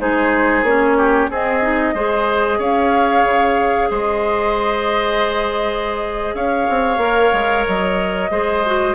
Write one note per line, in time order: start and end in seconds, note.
0.00 0.63 G#3
0.00 0.65 D#4
0.00 0.98 G#4
0.00 0.65 C5
0.63 1.28 A#3
0.63 1.31 C#4
0.63 1.30 C#5
0.98 1.30 G4
1.30 1.95 C4
1.30 1.62 C4
1.30 1.95 G#4
1.30 2.61 D#5
1.62 1.95 D#4
1.95 2.59 G#3
1.95 6.99 G#4
1.95 2.59 C5
2.59 3.24 C#4
2.59 3.89 C#5
2.59 3.91 F5
3.25 3.90 C#3
3.91 6.35 G#3
3.91 6.35 C5
3.91 6.35 D#5
6.35 6.67 C#4
6.35 8.32 C#5
6.35 7.66 F5
6.70 6.98 C4
6.98 7.30 A#3
6.98 8.30 A#4
7.33 7.66 G#3
7.68 8.30 F#3
7.68 8.95 D#5
8.30 8.95 G#3
8.30 8.64 G#4
8.30 8.95 C5
8.66 8.95 F#4